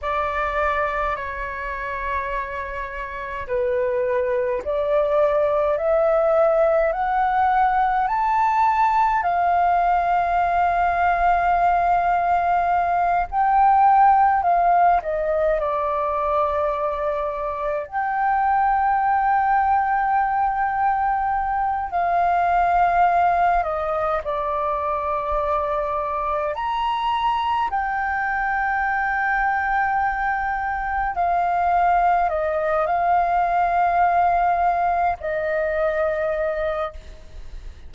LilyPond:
\new Staff \with { instrumentName = "flute" } { \time 4/4 \tempo 4 = 52 d''4 cis''2 b'4 | d''4 e''4 fis''4 a''4 | f''2.~ f''8 g''8~ | g''8 f''8 dis''8 d''2 g''8~ |
g''2. f''4~ | f''8 dis''8 d''2 ais''4 | g''2. f''4 | dis''8 f''2 dis''4. | }